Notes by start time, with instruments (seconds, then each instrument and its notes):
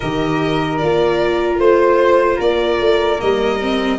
0.00 tuba D#3, viola G4, flute A#4, violin D#5
0.77 tuba A#3, viola F4, violin D5
1.58 tuba A3, flute C5, violin C5
2.36 tuba A#3, flute A#4, violin D5
2.79 tuba A3
3.18 tuba G3, viola A#3, violin D#5
3.61 viola C4